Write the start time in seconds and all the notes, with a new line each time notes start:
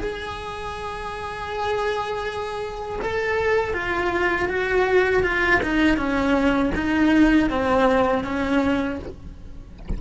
0.00 G#4
3.02 A4
3.74 F4
4.49 F#4
5.23 F4
5.63 D#4
5.97 C#4
6.75 D#4
7.50 C4
8.24 C#4